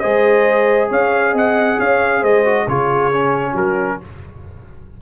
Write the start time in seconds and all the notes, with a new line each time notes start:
0.00 G#3 G#4 C5 D#5
0.90 C#4 C#5 F5
1.32 C4 D#5 F#5
1.78 C#4 C#5 F5
2.21 G#3 C5 D#5
2.45 F#4
2.67 C#3 F4 G#4 C#5
3.14 C#4
3.52 F#3 F#4 A#4